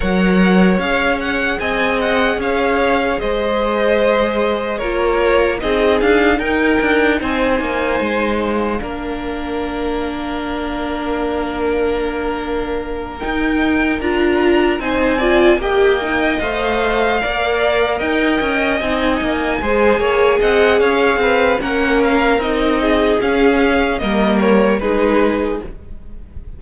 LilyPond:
<<
  \new Staff \with { instrumentName = "violin" } { \time 4/4 \tempo 4 = 75 fis''4 f''8 fis''8 gis''8 fis''8 f''4 | dis''2 cis''4 dis''8 f''8 | g''4 gis''4. f''4.~ | f''1~ |
f''8 g''4 ais''4 gis''4 g''8~ | g''8 f''2 g''4 gis''8~ | gis''4. fis''8 f''4 fis''8 f''8 | dis''4 f''4 dis''8 cis''8 b'4 | }
  \new Staff \with { instrumentName = "violin" } { \time 4/4 cis''2 dis''4 cis''4 | c''2 ais'4 gis'4 | ais'4 c''2 ais'4~ | ais'1~ |
ais'2~ ais'8 c''8 d''8 dis''8~ | dis''4. d''4 dis''4.~ | dis''8 c''8 cis''8 dis''8 cis''8 b'8 ais'4~ | ais'8 gis'4. ais'4 gis'4 | }
  \new Staff \with { instrumentName = "viola" } { \time 4/4 ais'4 gis'2.~ | gis'2 f'4 dis'4~ | dis'2. d'4~ | d'1~ |
d'8 dis'4 f'4 dis'8 f'8 g'8 | dis'8 c''4 ais'2 dis'8~ | dis'8 gis'2~ gis'8 cis'4 | dis'4 cis'4 ais4 dis'4 | }
  \new Staff \with { instrumentName = "cello" } { \time 4/4 fis4 cis'4 c'4 cis'4 | gis2 ais4 c'8 d'8 | dis'8 d'8 c'8 ais8 gis4 ais4~ | ais1~ |
ais8 dis'4 d'4 c'4 ais8~ | ais8 a4 ais4 dis'8 cis'8 c'8 | ais8 gis8 ais8 c'8 cis'8 c'8 ais4 | c'4 cis'4 g4 gis4 | }
>>